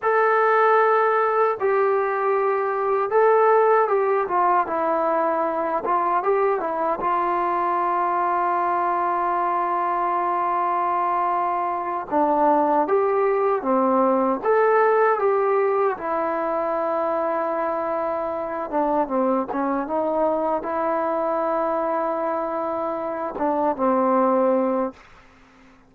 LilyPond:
\new Staff \with { instrumentName = "trombone" } { \time 4/4 \tempo 4 = 77 a'2 g'2 | a'4 g'8 f'8 e'4. f'8 | g'8 e'8 f'2.~ | f'2.~ f'8 d'8~ |
d'8 g'4 c'4 a'4 g'8~ | g'8 e'2.~ e'8 | d'8 c'8 cis'8 dis'4 e'4.~ | e'2 d'8 c'4. | }